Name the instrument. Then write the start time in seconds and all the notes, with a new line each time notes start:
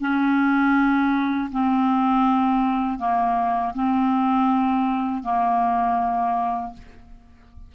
clarinet
0.00 C#4
1.51 C4
2.98 A#3
3.74 C4
5.23 A#3